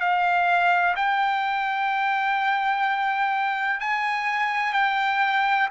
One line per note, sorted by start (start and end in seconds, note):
0.00 0.95 F5
0.96 3.81 G5
3.81 4.73 G#5
4.73 5.68 G5